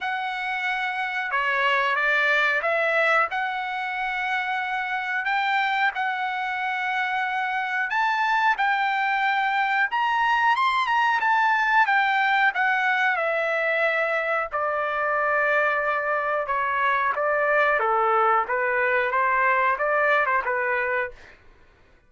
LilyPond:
\new Staff \with { instrumentName = "trumpet" } { \time 4/4 \tempo 4 = 91 fis''2 cis''4 d''4 | e''4 fis''2. | g''4 fis''2. | a''4 g''2 ais''4 |
c'''8 ais''8 a''4 g''4 fis''4 | e''2 d''2~ | d''4 cis''4 d''4 a'4 | b'4 c''4 d''8. c''16 b'4 | }